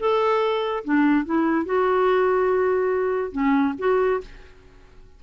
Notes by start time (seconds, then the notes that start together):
0.00 A4
0.85 D4
1.26 E4
1.66 F#4
3.32 C#4
3.79 F#4